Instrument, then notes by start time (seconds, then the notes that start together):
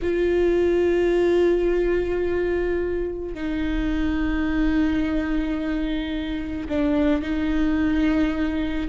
viola
0.02 F4
3.34 D#4
6.68 D4
7.21 D#4